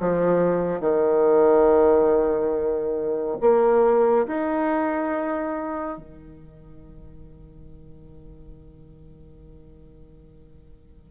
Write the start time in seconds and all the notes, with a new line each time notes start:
0.00 F3
0.81 D#3
3.41 A#3
4.27 D#4
5.98 D#3